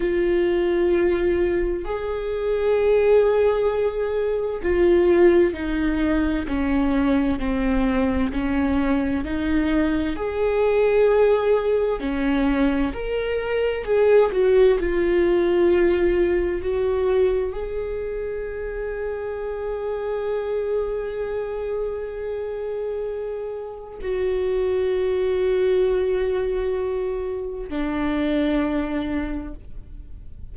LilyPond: \new Staff \with { instrumentName = "viola" } { \time 4/4 \tempo 4 = 65 f'2 gis'2~ | gis'4 f'4 dis'4 cis'4 | c'4 cis'4 dis'4 gis'4~ | gis'4 cis'4 ais'4 gis'8 fis'8 |
f'2 fis'4 gis'4~ | gis'1~ | gis'2 fis'2~ | fis'2 d'2 | }